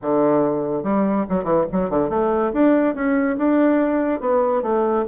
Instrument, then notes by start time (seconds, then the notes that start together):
bassoon
0.02 D3
0.83 G3
1.29 F#3
1.44 E3
1.72 F#3
1.89 D3
2.09 A3
2.53 D4
2.94 C#4
3.37 D4
4.20 B3
4.62 A3